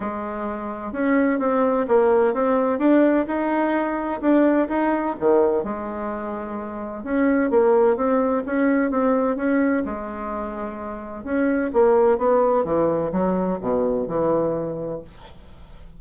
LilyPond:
\new Staff \with { instrumentName = "bassoon" } { \time 4/4 \tempo 4 = 128 gis2 cis'4 c'4 | ais4 c'4 d'4 dis'4~ | dis'4 d'4 dis'4 dis4 | gis2. cis'4 |
ais4 c'4 cis'4 c'4 | cis'4 gis2. | cis'4 ais4 b4 e4 | fis4 b,4 e2 | }